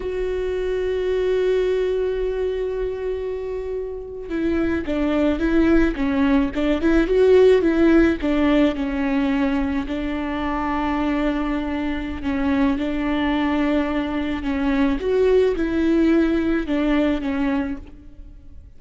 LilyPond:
\new Staff \with { instrumentName = "viola" } { \time 4/4 \tempo 4 = 108 fis'1~ | fis'2.~ fis'8. e'16~ | e'8. d'4 e'4 cis'4 d'16~ | d'16 e'8 fis'4 e'4 d'4 cis'16~ |
cis'4.~ cis'16 d'2~ d'16~ | d'2 cis'4 d'4~ | d'2 cis'4 fis'4 | e'2 d'4 cis'4 | }